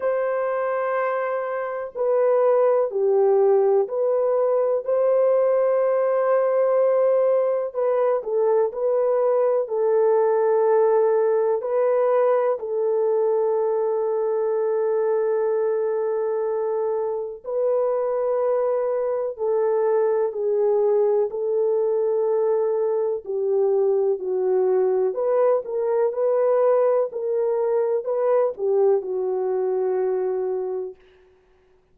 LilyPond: \new Staff \with { instrumentName = "horn" } { \time 4/4 \tempo 4 = 62 c''2 b'4 g'4 | b'4 c''2. | b'8 a'8 b'4 a'2 | b'4 a'2.~ |
a'2 b'2 | a'4 gis'4 a'2 | g'4 fis'4 b'8 ais'8 b'4 | ais'4 b'8 g'8 fis'2 | }